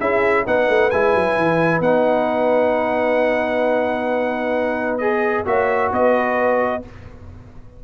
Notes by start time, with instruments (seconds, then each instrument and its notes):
0.00 tuba C#4, trombone E4, horn G#4, trumpet E5
0.46 tuba B3, trombone D#4, horn B4, trumpet F#5
0.69 tuba A3
0.90 tuba G#3, trombone E4, trumpet G#5
1.14 tuba F#3
1.37 tuba E3
1.80 tuba B3, trombone D#4, trumpet F#5
4.98 trombone G#4, trumpet D#5
5.45 tuba A#3, trombone F#4, horn C#5, trumpet E5
5.92 tuba B3, horn B4, trumpet D#5